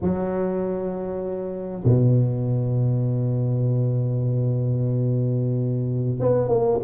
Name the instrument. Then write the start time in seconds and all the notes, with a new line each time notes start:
tuba
0.01 F#3
1.84 B2
6.19 B3
6.48 A#3